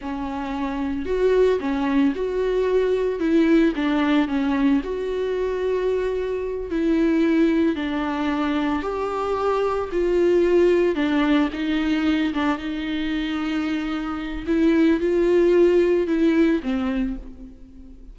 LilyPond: \new Staff \with { instrumentName = "viola" } { \time 4/4 \tempo 4 = 112 cis'2 fis'4 cis'4 | fis'2 e'4 d'4 | cis'4 fis'2.~ | fis'8 e'2 d'4.~ |
d'8 g'2 f'4.~ | f'8 d'4 dis'4. d'8 dis'8~ | dis'2. e'4 | f'2 e'4 c'4 | }